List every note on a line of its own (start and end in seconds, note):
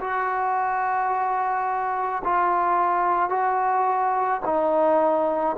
0.00 2.22 F#4
2.24 3.29 F4
3.29 4.40 F#4
4.45 5.56 D#4